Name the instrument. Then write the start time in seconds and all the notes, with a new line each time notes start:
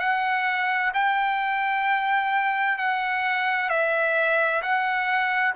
trumpet
0.00 F#5
0.94 G5
2.79 F#5
3.70 E5
4.62 F#5